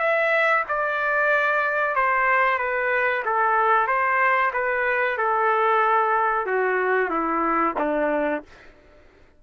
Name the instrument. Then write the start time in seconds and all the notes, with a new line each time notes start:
trumpet
0.00 E5
0.69 D5
1.96 C5
2.59 B4
3.26 A4
3.88 C5
4.54 B4
5.18 A4
6.47 F#4
7.10 E4
7.79 D4